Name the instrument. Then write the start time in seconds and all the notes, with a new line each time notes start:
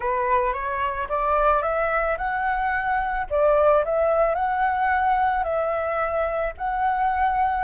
flute
0.00 B4
0.53 C#5
1.09 D5
1.62 E5
2.17 F#5
3.30 D5
3.84 E5
4.34 F#5
5.43 E5
6.57 F#5